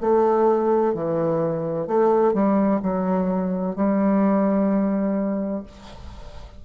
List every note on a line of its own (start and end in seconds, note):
0.00 0.94 A3
0.94 1.87 E3
1.87 2.34 A3
2.34 2.80 G3
2.82 3.75 F#3
3.75 5.63 G3